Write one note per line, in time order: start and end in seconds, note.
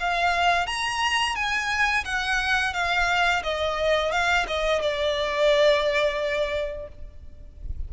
0.00 0.67 F5
0.67 1.35 A#5
1.35 2.04 G#5
2.05 2.74 F#5
2.74 3.43 F5
3.44 4.12 D#5
4.12 4.46 F5
4.47 4.82 D#5
4.82 6.88 D5